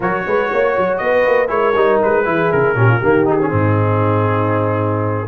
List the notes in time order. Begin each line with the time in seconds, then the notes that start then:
0.00 F#3 F#4 A#4 C#5
0.26 G#3 B4
0.51 A#3 C#5
0.77 F#3
0.97 B3 D#5
1.03 B4
1.26 A#3
1.47 G#3 E4 A#4 C#5
1.74 G3 D#4
2.02 G#3 B4
2.24 E3 E4 G#4
2.51 C#3 A#4
2.75 A#2 C#4 G4
2.88 F4
2.99 D#3 A#3 G4
3.25 D#4 G#4
3.41 C#4
3.49 G#2 C4
3.56 D#4